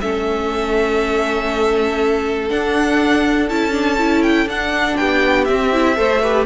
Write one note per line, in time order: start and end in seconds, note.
0.00 2.50 A3
0.00 2.49 C#4
0.00 4.98 A4
0.00 2.48 E5
2.49 3.48 D4
2.49 3.49 D4
2.49 3.49 F#5
3.49 4.46 C#4
3.49 3.72 E4
3.49 4.22 A5
3.72 3.96 D4
3.98 4.48 E4
4.22 4.47 G5
4.46 4.95 D4
4.46 5.47 D4
4.46 4.96 F#5
4.96 5.48 B3
4.96 5.97 G4
4.96 5.44 G5
5.44 5.98 C4
5.44 5.72 C4
5.44 6.43 E5
5.72 5.96 E4
5.96 6.46 A3
5.96 6.20 A4
5.96 6.22 C5
6.22 6.46 G4
6.22 6.46 B4